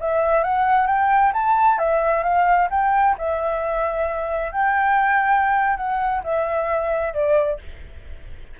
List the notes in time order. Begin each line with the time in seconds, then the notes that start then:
0.00 E5
0.43 F#5
0.87 G5
1.33 A5
1.78 E5
2.23 F5
2.70 G5
3.18 E5
4.52 G5
5.77 F#5
6.24 E5
7.13 D5